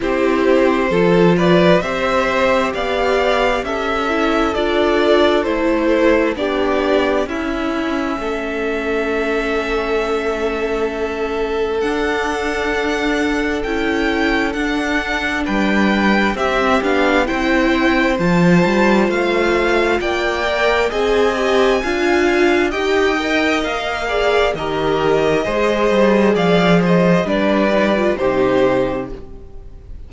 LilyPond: <<
  \new Staff \with { instrumentName = "violin" } { \time 4/4 \tempo 4 = 66 c''4. d''8 e''4 f''4 | e''4 d''4 c''4 d''4 | e''1~ | e''4 fis''2 g''4 |
fis''4 g''4 e''8 f''8 g''4 | a''4 f''4 g''4 gis''4~ | gis''4 g''4 f''4 dis''4~ | dis''4 f''8 dis''8 d''4 c''4 | }
  \new Staff \with { instrumentName = "violin" } { \time 4/4 g'4 a'8 b'8 c''4 d''4 | a'2. g'4 | e'4 a'2.~ | a'1~ |
a'4 b'4 g'4 c''4~ | c''2 d''4 dis''4 | f''4 dis''4. d''8 ais'4 | c''4 d''8 c''8 b'4 g'4 | }
  \new Staff \with { instrumentName = "viola" } { \time 4/4 e'4 f'4 g'2~ | g'8 e'8 f'4 e'4 d'4 | cis'1~ | cis'4 d'2 e'4 |
d'2 c'8 d'8 e'4 | f'2~ f'8 ais'8 gis'8 g'8 | f'4 g'8 ais'4 gis'8 g'4 | gis'2 d'8 dis'16 f'16 dis'4 | }
  \new Staff \with { instrumentName = "cello" } { \time 4/4 c'4 f4 c'4 b4 | cis'4 d'4 a4 b4 | cis'4 a2.~ | a4 d'2 cis'4 |
d'4 g4 c'8 b8 c'4 | f8 g8 a4 ais4 c'4 | d'4 dis'4 ais4 dis4 | gis8 g8 f4 g4 c4 | }
>>